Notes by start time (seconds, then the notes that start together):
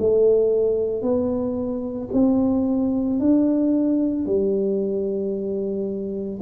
0.00 A3
1.02 B3
2.13 C4
3.20 D4
4.26 G3